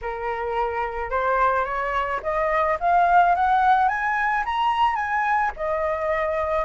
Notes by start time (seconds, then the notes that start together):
0.01 A#4
1.10 C5
1.64 C#5
2.22 D#5
2.80 F5
3.35 F#5
3.88 G#5
4.45 A#5
4.95 G#5
5.56 D#5